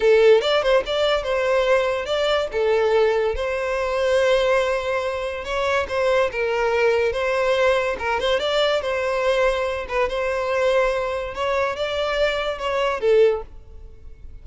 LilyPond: \new Staff \with { instrumentName = "violin" } { \time 4/4 \tempo 4 = 143 a'4 d''8 c''8 d''4 c''4~ | c''4 d''4 a'2 | c''1~ | c''4 cis''4 c''4 ais'4~ |
ais'4 c''2 ais'8 c''8 | d''4 c''2~ c''8 b'8 | c''2. cis''4 | d''2 cis''4 a'4 | }